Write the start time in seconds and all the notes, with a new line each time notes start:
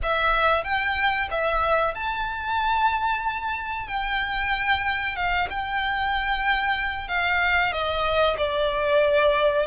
0.03 E5
0.63 G5
1.30 E5
1.94 A5
3.87 G5
5.16 F5
5.50 G5
7.08 F5
7.72 D#5
8.37 D5